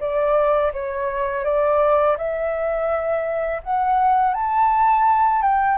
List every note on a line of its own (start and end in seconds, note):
0.00 0.72 D5
0.73 1.45 C#5
1.45 2.17 D5
2.18 3.62 E5
3.63 4.34 F#5
4.34 5.42 A5
5.42 5.78 G5